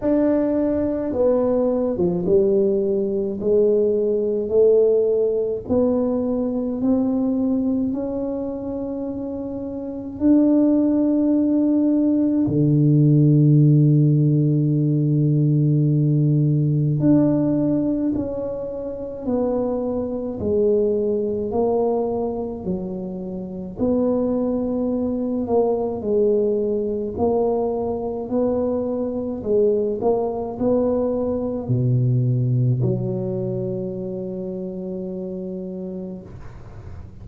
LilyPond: \new Staff \with { instrumentName = "tuba" } { \time 4/4 \tempo 4 = 53 d'4 b8. f16 g4 gis4 | a4 b4 c'4 cis'4~ | cis'4 d'2 d4~ | d2. d'4 |
cis'4 b4 gis4 ais4 | fis4 b4. ais8 gis4 | ais4 b4 gis8 ais8 b4 | b,4 fis2. | }